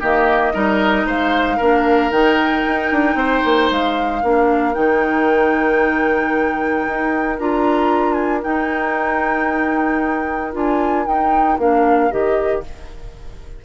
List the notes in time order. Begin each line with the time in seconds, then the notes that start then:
0.00 D#3 A#3 G4 D#5
0.54 G3 D#4 A#4
1.05 G#3 C5 F5
1.57 A#3 D4 A#4
2.10 D#3 D#4 G5
2.67 D#4
2.91 D4
3.14 C4 C5
3.44 A#3
3.70 G#3 F5
4.22 A#3 D4 A#4
4.74 D#3 D#4 G5
6.87 D#4
7.38 D4 F4 A#5
8.13 G#5
8.42 D#4 G5
10.52 D4 F4 G#5
11.05 D#4 G5
11.58 A#3 D4 F5
12.10 D#3 G4 D#5